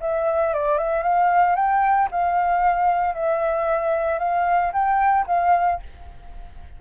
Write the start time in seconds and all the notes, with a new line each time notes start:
0.00 E5
0.53 D5
0.77 E5
1.03 F5
1.55 G5
2.11 F5
3.14 E5
4.19 F5
4.73 G5
5.26 F5